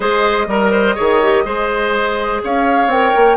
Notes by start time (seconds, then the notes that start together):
0.00 G#3 G#4 C5 D#5
0.47 G3 A#4
0.71 C5
0.95 D#3 G#4 C#5
1.22 G4
1.44 G#3 G#4 C5
2.43 C#4 C#5 F5
2.87 C4 A#4 G5
3.16 A#3